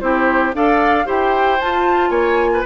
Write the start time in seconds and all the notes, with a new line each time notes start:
0.00 C4 E4 G4 C5
0.54 D4 A4 D5 F5
1.05 E4 G4 C5 G5
1.61 F4 A5
2.10 A#3 C#5 G#5
2.53 B4